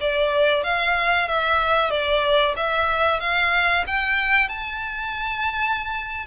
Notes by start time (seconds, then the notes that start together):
0.00 D5
0.63 F5
1.28 E5
1.90 D5
2.56 E5
3.20 F5
3.86 G5
4.48 A5